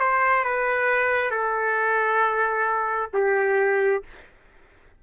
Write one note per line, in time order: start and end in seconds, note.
0.00 0.45 C5
0.45 1.31 B4
1.31 3.11 A4
3.14 4.03 G4